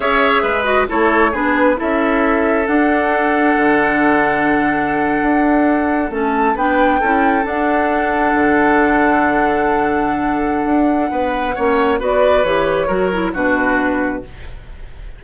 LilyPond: <<
  \new Staff \with { instrumentName = "flute" } { \time 4/4 \tempo 4 = 135 e''4. dis''8 cis''4 b'4 | e''2 fis''2~ | fis''1~ | fis''4.~ fis''16 a''4 g''4~ g''16~ |
g''8. fis''2.~ fis''16~ | fis''1~ | fis''2. d''4 | cis''2 b'2 | }
  \new Staff \with { instrumentName = "oboe" } { \time 4/4 cis''4 b'4 a'4 gis'4 | a'1~ | a'1~ | a'2~ a'8. b'4 a'16~ |
a'1~ | a'1~ | a'4 b'4 cis''4 b'4~ | b'4 ais'4 fis'2 | }
  \new Staff \with { instrumentName = "clarinet" } { \time 4/4 gis'4. fis'8 e'4 d'4 | e'2 d'2~ | d'1~ | d'4.~ d'16 cis'4 d'4 e'16~ |
e'8. d'2.~ d'16~ | d'1~ | d'2 cis'4 fis'4 | g'4 fis'8 e'8 d'2 | }
  \new Staff \with { instrumentName = "bassoon" } { \time 4/4 cis'4 gis4 a4 b4 | cis'2 d'2 | d2.~ d8. d'16~ | d'4.~ d'16 a4 b4 cis'16~ |
cis'8. d'2 d4~ d16~ | d1 | d'4 b4 ais4 b4 | e4 fis4 b,2 | }
>>